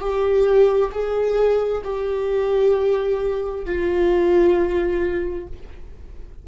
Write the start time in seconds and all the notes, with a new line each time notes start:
0.00 G4
0.92 G#4
1.84 G4
3.65 F4